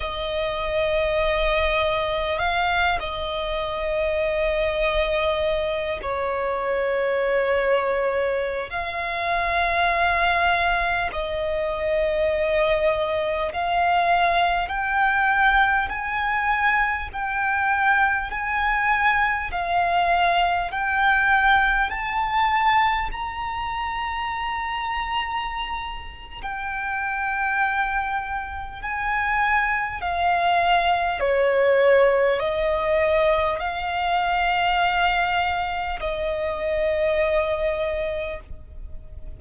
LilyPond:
\new Staff \with { instrumentName = "violin" } { \time 4/4 \tempo 4 = 50 dis''2 f''8 dis''4.~ | dis''4 cis''2~ cis''16 f''8.~ | f''4~ f''16 dis''2 f''8.~ | f''16 g''4 gis''4 g''4 gis''8.~ |
gis''16 f''4 g''4 a''4 ais''8.~ | ais''2 g''2 | gis''4 f''4 cis''4 dis''4 | f''2 dis''2 | }